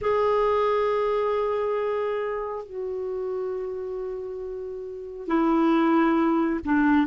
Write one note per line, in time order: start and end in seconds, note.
0.01 2.65 G#4
2.65 5.27 F#4
5.27 6.60 E4
6.64 7.06 D4